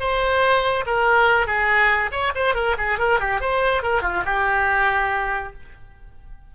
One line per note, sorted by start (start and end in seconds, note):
0.00 0.85 C5
0.86 1.47 A#4
1.47 2.11 G#4
2.12 2.33 C#5
2.35 2.55 C5
2.55 2.76 A#4
2.78 2.99 G#4
2.99 3.20 A#4
3.20 3.41 G4
3.41 3.83 C5
3.83 4.02 A#4
4.02 4.24 F4
4.26 5.53 G4